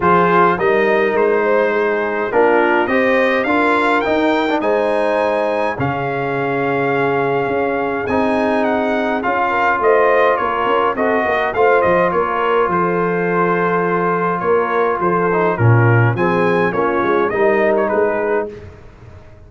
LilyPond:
<<
  \new Staff \with { instrumentName = "trumpet" } { \time 4/4 \tempo 4 = 104 c''4 dis''4 c''2 | ais'4 dis''4 f''4 g''4 | gis''2 f''2~ | f''2 gis''4 fis''4 |
f''4 dis''4 cis''4 dis''4 | f''8 dis''8 cis''4 c''2~ | c''4 cis''4 c''4 ais'4 | gis''4 cis''4 dis''8. cis''16 b'4 | }
  \new Staff \with { instrumentName = "horn" } { \time 4/4 gis'4 ais'4. c''8 gis'4 | f'4 c''4 ais'2 | c''2 gis'2~ | gis'1~ |
gis'8 ais'8 c''4 ais'4 a'8 ais'8 | c''4 ais'4 a'2~ | a'4 ais'4 a'4 f'4 | gis'4 f'4 ais'4 gis'4 | }
  \new Staff \with { instrumentName = "trombone" } { \time 4/4 f'4 dis'2. | d'4 g'4 f'4 dis'8. d'16 | dis'2 cis'2~ | cis'2 dis'2 |
f'2. fis'4 | f'1~ | f'2~ f'8 dis'8 cis'4 | c'4 cis'4 dis'2 | }
  \new Staff \with { instrumentName = "tuba" } { \time 4/4 f4 g4 gis2 | ais4 c'4 d'4 dis'4 | gis2 cis2~ | cis4 cis'4 c'2 |
cis'4 a4 ais8 cis'8 c'8 ais8 | a8 f8 ais4 f2~ | f4 ais4 f4 ais,4 | f4 ais8 gis8 g4 gis4 | }
>>